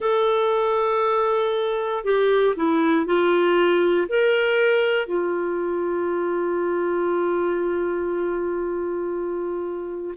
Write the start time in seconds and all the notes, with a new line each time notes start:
0.00 A4
2.04 G4
2.56 E4
3.06 F4
4.08 A#4
5.06 F4